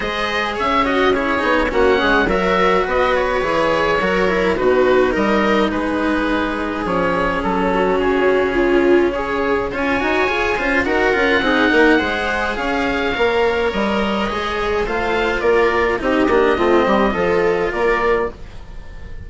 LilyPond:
<<
  \new Staff \with { instrumentName = "oboe" } { \time 4/4 \tempo 4 = 105 dis''4 e''8 dis''8 cis''4 fis''4 | e''4 dis''8 cis''2~ cis''8 | b'4 dis''4 b'2 | cis''4 a'4 gis'2 |
cis''4 gis''2 fis''4~ | fis''2 f''2 | dis''2 f''4 d''4 | dis''2. d''4 | }
  \new Staff \with { instrumentName = "viola" } { \time 4/4 c''4 cis''4 gis'4 fis'8 gis'8 | ais'4 b'2 ais'4 | fis'4 ais'4 gis'2~ | gis'4. fis'4. f'4 |
gis'4 cis''4. c''8 ais'4 | gis'8 ais'8 c''4 cis''2~ | cis''2 c''4 ais'4 | g'4 f'8 g'8 a'4 ais'4 | }
  \new Staff \with { instrumentName = "cello" } { \time 4/4 gis'4. fis'8 e'8 dis'8 cis'4 | fis'2 gis'4 fis'8 e'8 | dis'1 | cis'1~ |
cis'4 f'8 fis'8 gis'8 f'8 fis'8 f'8 | dis'4 gis'2 ais'4~ | ais'4 gis'4 f'2 | dis'8 d'8 c'4 f'2 | }
  \new Staff \with { instrumentName = "bassoon" } { \time 4/4 gis4 cis'4. b8 ais8 gis8 | fis4 b4 e4 fis4 | b,4 g4 gis2 | f4 fis4 cis2~ |
cis4 cis'8 dis'8 f'8 cis'8 dis'8 cis'8 | c'8 ais8 gis4 cis'4 ais4 | g4 gis4 a4 ais4 | c'8 ais8 a8 g8 f4 ais4 | }
>>